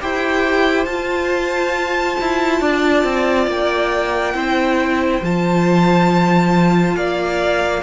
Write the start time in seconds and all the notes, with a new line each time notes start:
0.00 E4 G4 C5 G5
0.85 F4 A5
2.20 E4
2.60 D4 D5
3.04 C4
3.47 A#3 G5
4.34 C4 E4 C5
5.21 F3 F4 A5
6.95 A#3 D5 F5